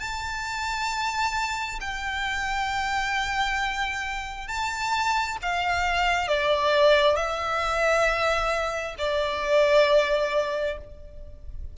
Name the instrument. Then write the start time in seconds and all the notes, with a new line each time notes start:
violin
0.00 A5
1.80 G5
4.48 A5
5.42 F5
6.28 D5
7.16 E5
8.98 D5